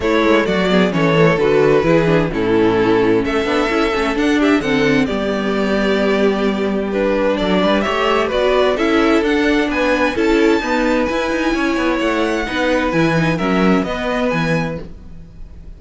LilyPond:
<<
  \new Staff \with { instrumentName = "violin" } { \time 4/4 \tempo 4 = 130 cis''4 d''4 cis''4 b'4~ | b'4 a'2 e''4~ | e''4 fis''8 e''8 fis''4 d''4~ | d''2. b'4 |
d''4 e''4 d''4 e''4 | fis''4 gis''4 a''2 | gis''2 fis''2 | gis''4 e''4 dis''4 gis''4 | }
  \new Staff \with { instrumentName = "violin" } { \time 4/4 e'4 fis'8 gis'8 a'2 | gis'4 e'2 a'4~ | a'4. g'8 a'4 g'4~ | g'1 |
a'8 b'8 cis''4 b'4 a'4~ | a'4 b'4 a'4 b'4~ | b'4 cis''2 b'4~ | b'4 ais'4 b'2 | }
  \new Staff \with { instrumentName = "viola" } { \time 4/4 a4. b8 cis'8 a8 fis'4 | e'8 d'8 cis'2~ cis'8 d'8 | e'8 cis'8 d'4 c'4 b4~ | b2. d'4~ |
d'4 g'4 fis'4 e'4 | d'2 e'4 b4 | e'2. dis'4 | e'8 dis'8 cis'4 b2 | }
  \new Staff \with { instrumentName = "cello" } { \time 4/4 a8 gis8 fis4 e4 d4 | e4 a,2 a8 b8 | cis'8 a8 d'4 d4 g4~ | g1 |
fis8 g8 a4 b4 cis'4 | d'4 b4 cis'4 dis'4 | e'8 dis'8 cis'8 b8 a4 b4 | e4 fis4 b4 e4 | }
>>